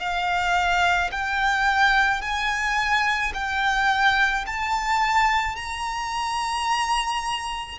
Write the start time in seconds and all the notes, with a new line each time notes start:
0.00 F5
1.12 G5
2.22 G#5
3.34 G5
4.46 A5
5.57 A#5